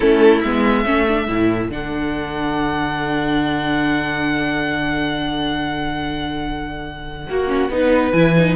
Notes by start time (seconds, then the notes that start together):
0.00 A3 C#4 E4 A4
0.41 G#3 B3 E5
0.84 A3 C#4 A4
1.07 D4
1.27 A2 E4
1.69 D3 D4 F#5
7.28 A#3 F#4
7.47 C#4
7.69 B3 D#4 B4
8.11 E3 E4 G#5
8.38 D#4